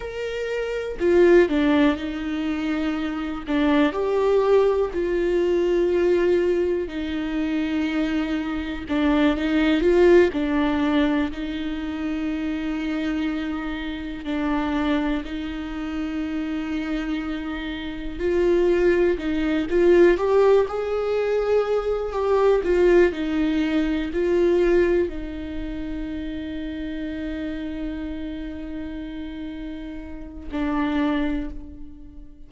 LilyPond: \new Staff \with { instrumentName = "viola" } { \time 4/4 \tempo 4 = 61 ais'4 f'8 d'8 dis'4. d'8 | g'4 f'2 dis'4~ | dis'4 d'8 dis'8 f'8 d'4 dis'8~ | dis'2~ dis'8 d'4 dis'8~ |
dis'2~ dis'8 f'4 dis'8 | f'8 g'8 gis'4. g'8 f'8 dis'8~ | dis'8 f'4 dis'2~ dis'8~ | dis'2. d'4 | }